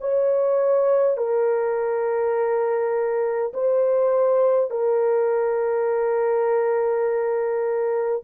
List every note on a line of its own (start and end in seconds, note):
0.00 1.17 C#5
1.17 3.52 A#4
3.53 4.70 C5
4.70 8.23 A#4